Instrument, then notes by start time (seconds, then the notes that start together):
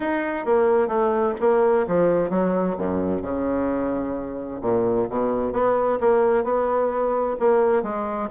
bassoon
0.00 D#4
0.45 A#3
0.88 A3
1.40 A#3
1.87 F3
2.30 F#3
2.77 F#2
3.21 C#3
4.61 A#2
5.09 B2
5.52 B3
6.00 A#3
6.44 B3
7.39 A#3
7.83 G#3